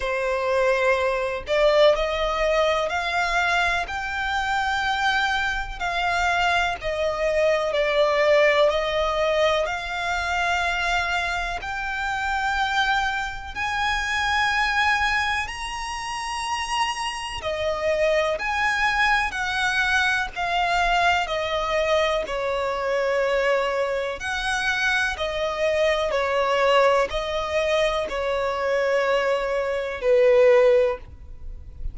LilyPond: \new Staff \with { instrumentName = "violin" } { \time 4/4 \tempo 4 = 62 c''4. d''8 dis''4 f''4 | g''2 f''4 dis''4 | d''4 dis''4 f''2 | g''2 gis''2 |
ais''2 dis''4 gis''4 | fis''4 f''4 dis''4 cis''4~ | cis''4 fis''4 dis''4 cis''4 | dis''4 cis''2 b'4 | }